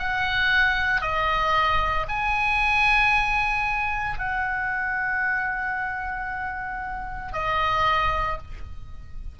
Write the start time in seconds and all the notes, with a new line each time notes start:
0.00 F#5
1.02 D#5
2.09 G#5
4.19 F#5
7.33 D#5